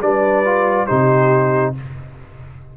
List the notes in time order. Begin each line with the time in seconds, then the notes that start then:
0.00 G3 D4 B4 D5
0.45 F4
0.86 C3 D#4 G4 C5